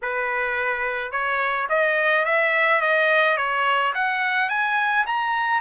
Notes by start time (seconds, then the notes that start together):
0.02 B4
1.11 C#5
1.69 D#5
2.25 E5
2.81 D#5
3.37 C#5
3.94 F#5
4.49 G#5
5.06 A#5